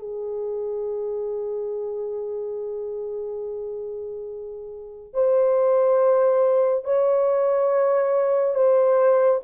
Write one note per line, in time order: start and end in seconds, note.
0.00 5.14 G#4
5.14 6.85 C5
6.85 8.55 C#5
8.55 9.41 C5